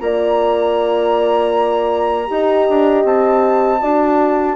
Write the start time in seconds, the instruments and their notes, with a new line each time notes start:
0.00 bassoon A#3, horn F4 D5, flute A#5
2.27 bassoon D#4, horn G4 D#5
2.69 bassoon D4
3.05 bassoon C4, flute A5
3.81 bassoon D4, horn F#4 D5